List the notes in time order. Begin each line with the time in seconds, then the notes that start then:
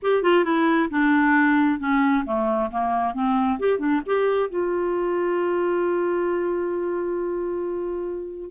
0.02 G4
0.22 F4
0.44 E4
0.90 D4
1.79 C#4
2.25 A3
2.71 A#3
3.14 C4
3.59 G4
3.78 D4
4.06 G4
4.49 F4